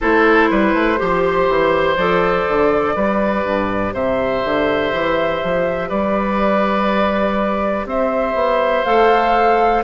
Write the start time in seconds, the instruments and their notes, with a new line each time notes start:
0.00 bassoon A3, clarinet E4, oboe A4, flute C5
0.50 bassoon G3, oboe B4
0.74 bassoon A3
0.97 bassoon F3, clarinet G4, oboe C5
1.48 bassoon E3
1.97 bassoon F3, clarinet A4, flute D5
2.48 bassoon D3
2.95 bassoon G3, clarinet G4, oboe B4
3.44 bassoon G2
3.93 bassoon C3, oboe C5, flute E5
4.44 bassoon D3
4.92 bassoon E3
5.43 bassoon F3
5.88 bassoon G3, oboe B4, flute D5
7.85 bassoon C4, oboe C5, flute E5
8.34 bassoon B3
8.84 bassoon A3, clarinet A4, flute F5